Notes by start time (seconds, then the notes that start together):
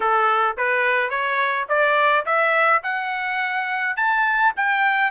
0.00 A4
0.57 B4
1.09 C#5
1.68 D5
2.25 E5
2.83 F#5
3.96 A5
4.56 G5